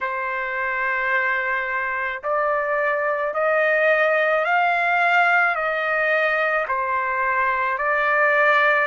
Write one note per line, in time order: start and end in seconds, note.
0.00 2.22 C5
2.23 3.34 D5
3.34 4.44 D#5
4.44 5.55 F5
5.55 6.66 D#5
6.68 7.78 C5
7.78 8.87 D5